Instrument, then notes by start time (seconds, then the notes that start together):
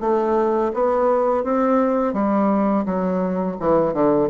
bassoon
0.00 A3
0.74 B3
1.44 C4
2.13 G3
2.85 F#3
3.60 E3
3.93 D3